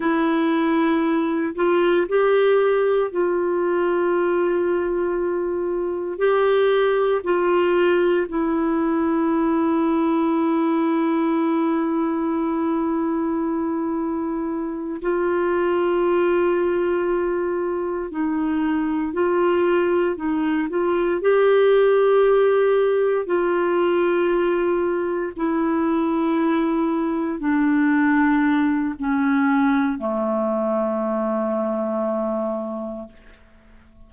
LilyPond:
\new Staff \with { instrumentName = "clarinet" } { \time 4/4 \tempo 4 = 58 e'4. f'8 g'4 f'4~ | f'2 g'4 f'4 | e'1~ | e'2~ e'8 f'4.~ |
f'4. dis'4 f'4 dis'8 | f'8 g'2 f'4.~ | f'8 e'2 d'4. | cis'4 a2. | }